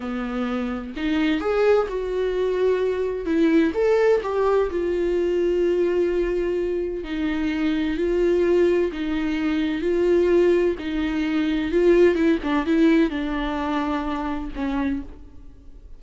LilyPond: \new Staff \with { instrumentName = "viola" } { \time 4/4 \tempo 4 = 128 b2 dis'4 gis'4 | fis'2. e'4 | a'4 g'4 f'2~ | f'2. dis'4~ |
dis'4 f'2 dis'4~ | dis'4 f'2 dis'4~ | dis'4 f'4 e'8 d'8 e'4 | d'2. cis'4 | }